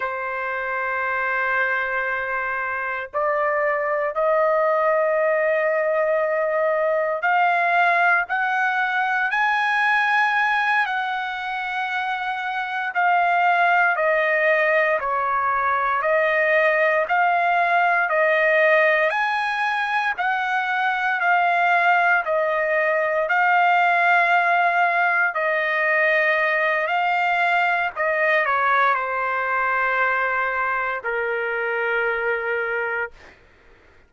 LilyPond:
\new Staff \with { instrumentName = "trumpet" } { \time 4/4 \tempo 4 = 58 c''2. d''4 | dis''2. f''4 | fis''4 gis''4. fis''4.~ | fis''8 f''4 dis''4 cis''4 dis''8~ |
dis''8 f''4 dis''4 gis''4 fis''8~ | fis''8 f''4 dis''4 f''4.~ | f''8 dis''4. f''4 dis''8 cis''8 | c''2 ais'2 | }